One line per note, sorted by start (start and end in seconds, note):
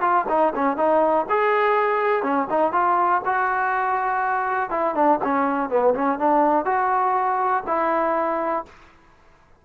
0.00 0.25 F4
0.28 0.53 D#4
0.55 0.77 C#4
0.77 1.26 D#4
1.29 2.22 G#4
2.22 2.47 C#4
2.50 2.72 D#4
2.72 3.21 F4
3.25 4.70 F#4
4.70 4.94 E4
4.95 5.19 D4
5.23 5.69 C#4
5.69 5.94 B3
5.94 6.19 C#4
6.19 6.65 D4
6.65 7.63 F#4
7.67 8.65 E4